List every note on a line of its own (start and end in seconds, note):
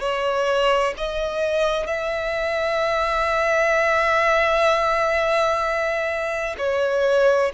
0.00 0.94 C#5
0.97 1.87 D#5
1.87 6.55 E5
6.58 7.52 C#5